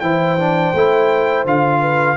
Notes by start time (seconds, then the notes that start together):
0.00 E3 E4 C5 G5
0.39 D4
0.74 A3 E4
1.45 D3 F4 F5
1.80 B4